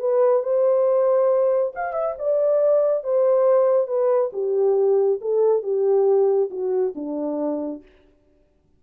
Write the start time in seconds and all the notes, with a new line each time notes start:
0.00 B4
0.43 C5
1.75 F5
1.94 E5
2.19 D5
3.04 C5
3.88 B4
4.33 G4
5.21 A4
5.63 G4
6.51 F#4
6.96 D4